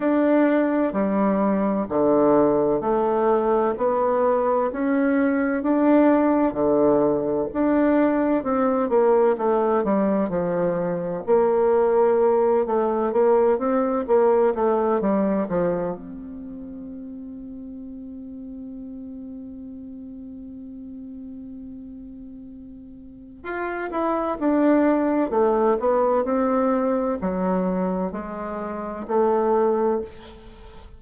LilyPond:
\new Staff \with { instrumentName = "bassoon" } { \time 4/4 \tempo 4 = 64 d'4 g4 d4 a4 | b4 cis'4 d'4 d4 | d'4 c'8 ais8 a8 g8 f4 | ais4. a8 ais8 c'8 ais8 a8 |
g8 f8 c'2.~ | c'1~ | c'4 f'8 e'8 d'4 a8 b8 | c'4 fis4 gis4 a4 | }